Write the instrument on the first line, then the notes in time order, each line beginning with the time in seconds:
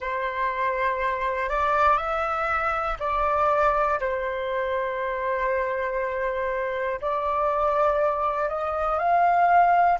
flute
0.00 C5
1.49 D5
1.97 E5
3.00 D5
4.00 C5
7.01 D5
8.49 D#5
8.98 F5